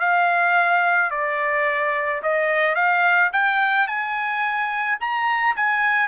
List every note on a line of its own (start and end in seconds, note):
0.00 1.11 F5
1.11 2.22 D5
2.23 2.75 D#5
2.75 3.31 F5
3.33 3.87 G5
3.87 4.98 G#5
5.00 5.56 A#5
5.56 6.08 G#5